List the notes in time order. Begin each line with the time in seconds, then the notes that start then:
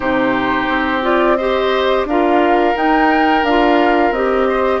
0.00 C3 D#4 G4 C5
0.68 C4
1.02 F4 D5
1.36 G4 C5 D#5
2.05 D4 F4 A#4 F5
2.75 D#4 G5
3.43 D4 F4 F5
4.11 C4 G4 D#5
4.48 C5